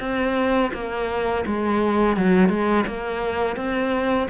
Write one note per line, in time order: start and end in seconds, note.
0.00 0.71 C4
0.73 1.45 A#3
1.46 2.17 G#3
2.17 2.49 F#3
2.49 2.85 G#3
2.87 3.56 A#3
3.56 4.28 C4